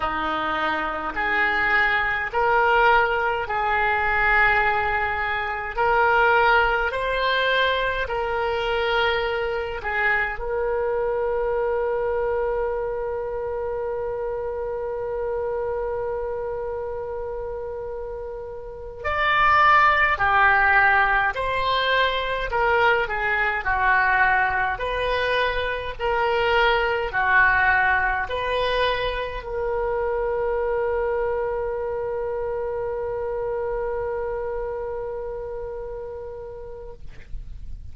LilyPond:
\new Staff \with { instrumentName = "oboe" } { \time 4/4 \tempo 4 = 52 dis'4 gis'4 ais'4 gis'4~ | gis'4 ais'4 c''4 ais'4~ | ais'8 gis'8 ais'2.~ | ais'1~ |
ais'8 d''4 g'4 c''4 ais'8 | gis'8 fis'4 b'4 ais'4 fis'8~ | fis'8 b'4 ais'2~ ais'8~ | ais'1 | }